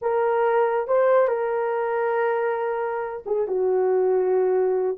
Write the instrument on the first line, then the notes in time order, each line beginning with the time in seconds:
horn
0.01 A#4
0.87 C5
1.27 A#4
3.26 G#4
3.47 F#4